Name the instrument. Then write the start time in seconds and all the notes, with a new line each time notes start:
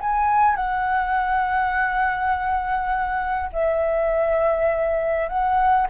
flute
0.00 G#5
0.56 F#5
3.52 E5
5.28 F#5